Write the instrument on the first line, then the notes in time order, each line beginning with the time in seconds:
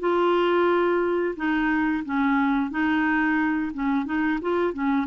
clarinet
0.00 F4
1.36 D#4
2.05 C#4
2.71 D#4
3.74 C#4
4.06 D#4
4.41 F4
4.73 C#4